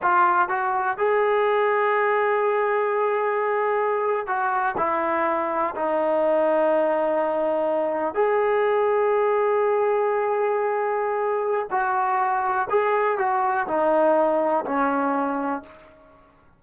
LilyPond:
\new Staff \with { instrumentName = "trombone" } { \time 4/4 \tempo 4 = 123 f'4 fis'4 gis'2~ | gis'1~ | gis'8. fis'4 e'2 dis'16~ | dis'1~ |
dis'8. gis'2.~ gis'16~ | gis'1 | fis'2 gis'4 fis'4 | dis'2 cis'2 | }